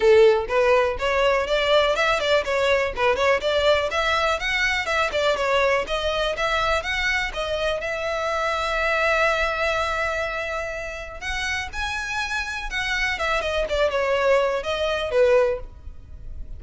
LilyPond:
\new Staff \with { instrumentName = "violin" } { \time 4/4 \tempo 4 = 123 a'4 b'4 cis''4 d''4 | e''8 d''8 cis''4 b'8 cis''8 d''4 | e''4 fis''4 e''8 d''8 cis''4 | dis''4 e''4 fis''4 dis''4 |
e''1~ | e''2. fis''4 | gis''2 fis''4 e''8 dis''8 | d''8 cis''4. dis''4 b'4 | }